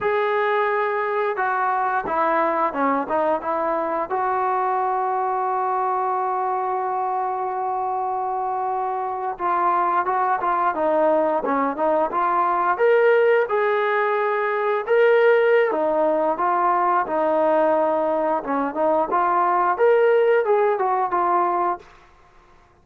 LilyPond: \new Staff \with { instrumentName = "trombone" } { \time 4/4 \tempo 4 = 88 gis'2 fis'4 e'4 | cis'8 dis'8 e'4 fis'2~ | fis'1~ | fis'4.~ fis'16 f'4 fis'8 f'8 dis'16~ |
dis'8. cis'8 dis'8 f'4 ais'4 gis'16~ | gis'4.~ gis'16 ais'4~ ais'16 dis'4 | f'4 dis'2 cis'8 dis'8 | f'4 ais'4 gis'8 fis'8 f'4 | }